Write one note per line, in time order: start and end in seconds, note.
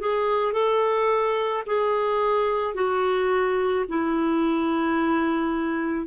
0.00 0.53 G#4
0.53 1.64 A4
1.66 2.74 G#4
2.74 3.85 F#4
3.88 6.07 E4